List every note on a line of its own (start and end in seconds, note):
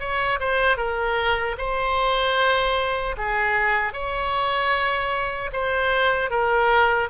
0.00 0.39 C#5
0.40 0.77 C5
0.77 1.56 A#4
1.58 3.16 C5
3.18 3.93 G#4
3.93 5.51 C#5
5.53 6.30 C5
6.30 7.09 A#4